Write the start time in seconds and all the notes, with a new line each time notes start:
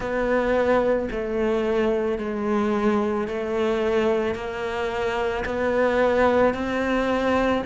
0.00 B3
1.11 A3
2.18 G#3
3.27 A3
4.34 A#3
5.45 B3
6.54 C4